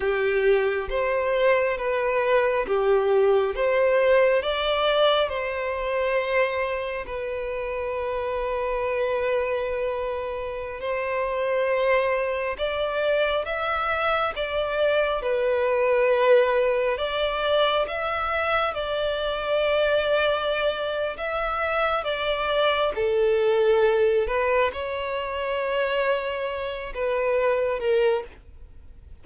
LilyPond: \new Staff \with { instrumentName = "violin" } { \time 4/4 \tempo 4 = 68 g'4 c''4 b'4 g'4 | c''4 d''4 c''2 | b'1~ | b'16 c''2 d''4 e''8.~ |
e''16 d''4 b'2 d''8.~ | d''16 e''4 d''2~ d''8. | e''4 d''4 a'4. b'8 | cis''2~ cis''8 b'4 ais'8 | }